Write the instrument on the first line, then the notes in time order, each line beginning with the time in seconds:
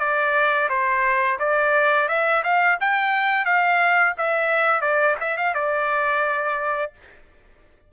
trumpet
0.00 D5
0.70 C5
1.39 D5
2.08 E5
2.44 F5
2.81 G5
3.45 F5
4.18 E5
4.82 D5
5.21 E5
5.38 F5
5.55 D5